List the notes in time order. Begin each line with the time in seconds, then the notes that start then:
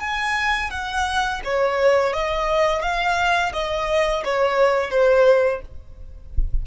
0.00 G#5
0.70 F#5
1.44 C#5
2.13 D#5
2.82 F5
3.53 D#5
4.24 C#5
4.90 C5